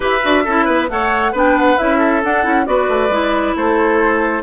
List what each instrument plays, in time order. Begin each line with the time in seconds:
0.00 bassoon E4, clarinet G4, oboe B4, flute E5
0.22 bassoon D4, clarinet F#4
0.44 bassoon C#4, clarinet E4, oboe A4
0.65 bassoon B3, oboe B4
0.88 bassoon A3, clarinet A4, oboe C#5, flute F#5
1.32 bassoon B3, clarinet D4, oboe B4, flute G5
1.58 flute F#5
1.77 bassoon C#4, clarinet E4, flute E5
1.97 oboe A4
2.23 bassoon D4, clarinet D4, flute F#5
2.43 bassoon C#4, clarinet E4
2.65 bassoon B3, clarinet F#4, oboe B4, flute D5
2.88 bassoon A3
3.09 bassoon G#3, clarinet E4
3.55 bassoon A3, oboe A4, flute C5